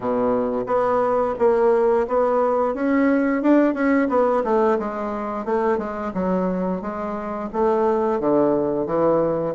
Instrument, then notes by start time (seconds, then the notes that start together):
bassoon
0.00 B2
0.66 B3
1.38 A#3
2.07 B3
2.74 C#4
3.42 D4
3.73 C#4
4.08 B3
4.43 A3
4.78 G#3
5.45 A3
5.78 G#3
6.14 F#3
6.81 G#3
7.52 A3
8.19 D3
8.86 E3